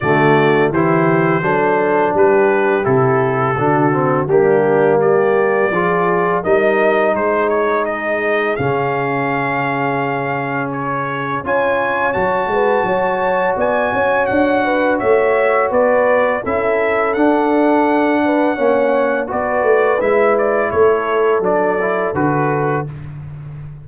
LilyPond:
<<
  \new Staff \with { instrumentName = "trumpet" } { \time 4/4 \tempo 4 = 84 d''4 c''2 b'4 | a'2 g'4 d''4~ | d''4 dis''4 c''8 cis''8 dis''4 | f''2. cis''4 |
gis''4 a''2 gis''4 | fis''4 e''4 d''4 e''4 | fis''2. d''4 | e''8 d''8 cis''4 d''4 b'4 | }
  \new Staff \with { instrumentName = "horn" } { \time 4/4 fis'4 g'4 a'4 g'4~ | g'4 fis'4 d'4 g'4 | gis'4 ais'4 gis'2~ | gis'1 |
cis''4. b'8 cis''4 d''8 cis''8~ | cis''8 b'8 cis''4 b'4 a'4~ | a'4. b'8 cis''4 b'4~ | b'4 a'2. | }
  \new Staff \with { instrumentName = "trombone" } { \time 4/4 a4 e'4 d'2 | e'4 d'8 c'8 ais2 | f'4 dis'2. | cis'1 |
f'4 fis'2.~ | fis'2. e'4 | d'2 cis'4 fis'4 | e'2 d'8 e'8 fis'4 | }
  \new Staff \with { instrumentName = "tuba" } { \time 4/4 d4 e4 fis4 g4 | c4 d4 g2 | f4 g4 gis2 | cis1 |
cis'4 fis8 gis8 fis4 b8 cis'8 | d'4 a4 b4 cis'4 | d'2 ais4 b8 a8 | gis4 a4 fis4 d4 | }
>>